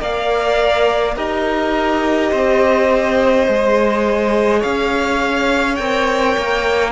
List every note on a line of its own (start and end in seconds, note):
0.00 1.16 A#3
0.00 1.15 A#4
0.00 1.16 D5
0.00 1.17 F5
1.16 2.32 D#4
1.16 3.47 G4
1.16 2.31 A#4
1.16 4.63 D#5
2.31 3.48 C4
2.31 4.60 C5
3.48 4.63 G#3
3.48 5.79 G#4
4.60 5.79 C#4
4.60 6.91 C#5
4.60 5.75 F5
5.75 6.37 C4
5.75 6.92 A#4
5.75 6.91 G5
6.37 6.92 A#3